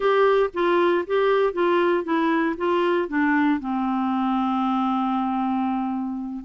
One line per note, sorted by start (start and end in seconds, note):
0.00 0.49 G4
0.53 1.05 F4
1.06 1.53 G4
1.53 2.04 F4
2.04 2.55 E4
2.57 3.08 F4
3.08 3.59 D4
3.59 6.44 C4